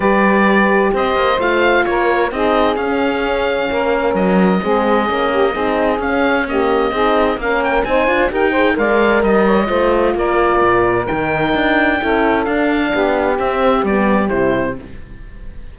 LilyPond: <<
  \new Staff \with { instrumentName = "oboe" } { \time 4/4 \tempo 4 = 130 d''2 dis''4 f''4 | cis''4 dis''4 f''2~ | f''4 dis''2.~ | dis''4 f''4 dis''2 |
f''8 g''8 gis''4 g''4 f''4 | dis''2 d''2 | g''2. f''4~ | f''4 e''4 d''4 c''4 | }
  \new Staff \with { instrumentName = "saxophone" } { \time 4/4 b'2 c''2 | ais'4 gis'2. | ais'2 gis'4. g'8 | gis'2 g'4 gis'4 |
ais'4 c''4 ais'8 c''8 d''4 | dis''8 cis''8 c''4 ais'2~ | ais'2 a'2 | g'1 | }
  \new Staff \with { instrumentName = "horn" } { \time 4/4 g'2. f'4~ | f'4 dis'4 cis'2~ | cis'2 c'4 cis'4 | dis'4 cis'4 ais4 dis'4 |
cis'4 dis'8 f'8 g'8 gis'8 ais'4~ | ais'4 f'2. | dis'2 e'4 d'4~ | d'4 c'4 b4 e'4 | }
  \new Staff \with { instrumentName = "cello" } { \time 4/4 g2 c'8 ais8 a4 | ais4 c'4 cis'2 | ais4 fis4 gis4 ais4 | c'4 cis'2 c'4 |
ais4 c'8 d'8 dis'4 gis4 | g4 a4 ais4 ais,4 | dis4 d'4 cis'4 d'4 | b4 c'4 g4 c4 | }
>>